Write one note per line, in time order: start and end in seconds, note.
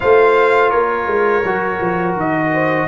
0.00 0.72 A3
0.00 1.43 F4
0.00 0.70 C5
0.00 0.70 F5
0.70 1.07 A#3
0.70 2.51 A#4
0.70 2.15 C#5
1.07 1.43 G#3
1.44 1.80 F#3
1.44 2.87 F#4
1.80 2.15 F3
2.15 2.87 D#3
2.15 2.87 D#5
2.53 2.87 C5